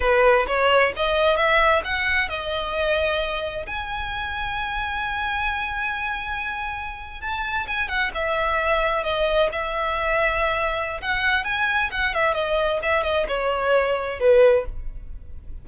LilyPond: \new Staff \with { instrumentName = "violin" } { \time 4/4 \tempo 4 = 131 b'4 cis''4 dis''4 e''4 | fis''4 dis''2. | gis''1~ | gis''2.~ gis''8. a''16~ |
a''8. gis''8 fis''8 e''2 dis''16~ | dis''8. e''2.~ e''16 | fis''4 gis''4 fis''8 e''8 dis''4 | e''8 dis''8 cis''2 b'4 | }